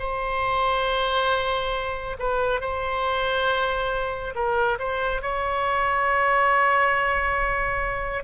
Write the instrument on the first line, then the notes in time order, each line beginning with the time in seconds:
oboe
0.00 C5
2.20 B4
2.61 C5
4.35 A#4
4.79 C5
5.22 C#5